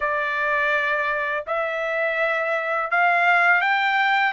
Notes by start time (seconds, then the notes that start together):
0.00 D5
1.46 E5
2.90 F5
3.61 G5